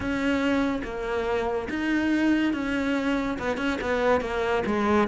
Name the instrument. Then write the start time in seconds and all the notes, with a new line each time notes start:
cello
0.00 C#4
0.83 A#3
1.69 D#4
2.53 C#4
3.38 B3
3.57 C#4
3.81 B3
4.20 A#3
4.66 G#3